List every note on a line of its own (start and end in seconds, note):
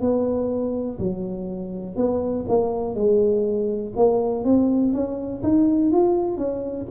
0.00 0.98 B3
0.98 1.96 F#3
1.96 2.45 B3
2.48 2.95 A#3
2.95 3.93 G#3
3.96 4.44 A#3
4.44 4.93 C4
4.93 5.42 C#4
5.42 5.91 D#4
5.91 6.37 F4
6.37 6.86 C#4